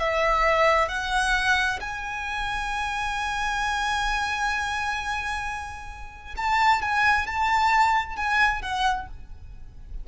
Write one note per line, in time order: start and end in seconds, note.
0.00 0.89 E5
0.89 1.80 F#5
1.81 6.35 G#5
6.37 6.82 A5
6.82 7.27 G#5
7.27 8.17 A5
8.17 8.62 G#5
8.62 9.08 F#5